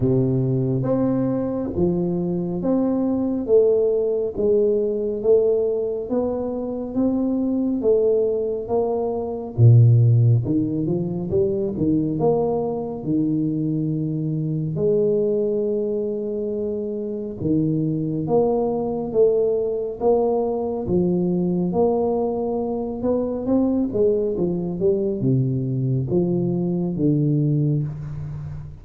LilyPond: \new Staff \with { instrumentName = "tuba" } { \time 4/4 \tempo 4 = 69 c4 c'4 f4 c'4 | a4 gis4 a4 b4 | c'4 a4 ais4 ais,4 | dis8 f8 g8 dis8 ais4 dis4~ |
dis4 gis2. | dis4 ais4 a4 ais4 | f4 ais4. b8 c'8 gis8 | f8 g8 c4 f4 d4 | }